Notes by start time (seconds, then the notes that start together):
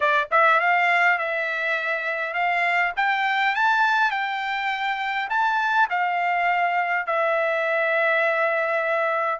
0.00 D5
0.31 E5
0.59 F5
1.18 E5
2.33 F5
2.96 G5
3.55 A5
4.10 G5
5.29 A5
5.90 F5
7.06 E5